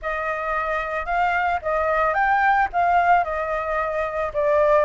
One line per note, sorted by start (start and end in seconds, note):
0.01 1.05 D#5
1.05 1.59 F5
1.62 2.14 D#5
2.14 2.68 G5
2.72 3.24 F5
3.24 4.32 D#5
4.33 4.84 D5